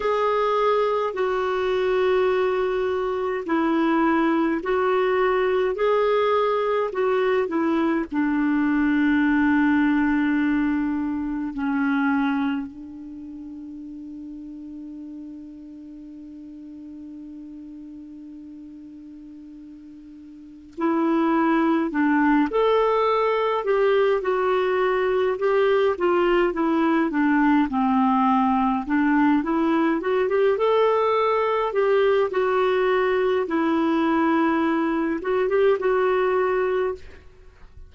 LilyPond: \new Staff \with { instrumentName = "clarinet" } { \time 4/4 \tempo 4 = 52 gis'4 fis'2 e'4 | fis'4 gis'4 fis'8 e'8 d'4~ | d'2 cis'4 d'4~ | d'1~ |
d'2 e'4 d'8 a'8~ | a'8 g'8 fis'4 g'8 f'8 e'8 d'8 | c'4 d'8 e'8 fis'16 g'16 a'4 g'8 | fis'4 e'4. fis'16 g'16 fis'4 | }